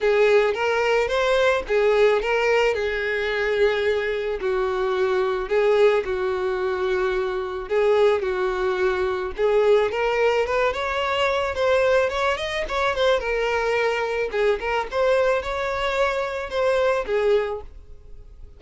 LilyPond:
\new Staff \with { instrumentName = "violin" } { \time 4/4 \tempo 4 = 109 gis'4 ais'4 c''4 gis'4 | ais'4 gis'2. | fis'2 gis'4 fis'4~ | fis'2 gis'4 fis'4~ |
fis'4 gis'4 ais'4 b'8 cis''8~ | cis''4 c''4 cis''8 dis''8 cis''8 c''8 | ais'2 gis'8 ais'8 c''4 | cis''2 c''4 gis'4 | }